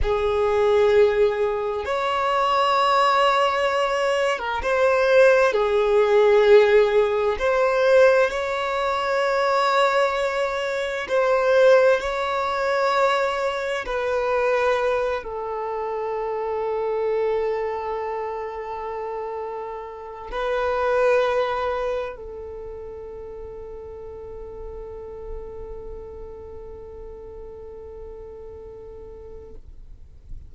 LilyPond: \new Staff \with { instrumentName = "violin" } { \time 4/4 \tempo 4 = 65 gis'2 cis''2~ | cis''8. ais'16 c''4 gis'2 | c''4 cis''2. | c''4 cis''2 b'4~ |
b'8 a'2.~ a'8~ | a'2 b'2 | a'1~ | a'1 | }